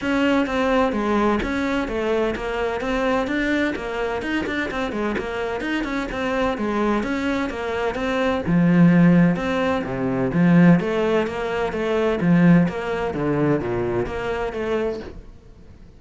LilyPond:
\new Staff \with { instrumentName = "cello" } { \time 4/4 \tempo 4 = 128 cis'4 c'4 gis4 cis'4 | a4 ais4 c'4 d'4 | ais4 dis'8 d'8 c'8 gis8 ais4 | dis'8 cis'8 c'4 gis4 cis'4 |
ais4 c'4 f2 | c'4 c4 f4 a4 | ais4 a4 f4 ais4 | d4 ais,4 ais4 a4 | }